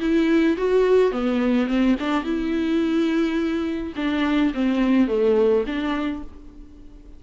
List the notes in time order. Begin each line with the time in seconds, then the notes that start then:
0.00 E4
0.57 F#4
1.11 B3
1.67 C4
1.99 D4
2.23 E4
3.96 D4
4.54 C4
5.08 A3
5.66 D4